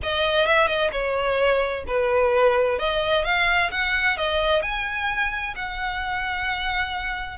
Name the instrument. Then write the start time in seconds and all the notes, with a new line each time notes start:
violin
0.03 D#5
0.46 E5
0.67 D#5
0.91 C#5
1.87 B4
2.78 D#5
3.24 F5
3.71 F#5
4.17 D#5
4.62 G#5
5.55 F#5